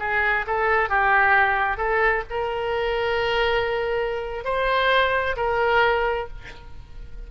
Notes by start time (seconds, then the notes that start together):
0.00 G#4
0.47 A4
0.90 G4
1.78 A4
2.30 A#4
4.45 C5
5.37 A#4